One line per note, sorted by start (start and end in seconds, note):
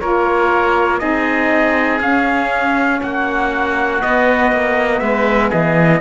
0.00 1.02 A#3
0.00 1.00 F4
0.00 1.00 A#4
0.00 0.99 C#5
0.99 2.00 C4
0.99 2.00 D#4
0.99 3.00 G#4
0.99 1.99 D#5
2.00 3.00 C#4
2.00 4.00 C#4
2.00 3.02 F5
3.03 4.03 A#3
3.03 5.02 F#4
3.03 4.02 F#5
4.00 6.00 B3
4.00 4.53 B3
4.00 4.99 D#5
4.53 5.01 A#3
4.99 5.51 G#3
4.99 5.49 B4
4.99 5.49 E5
5.49 6.01 E3
5.49 5.99 G#4
5.49 6.01 D#5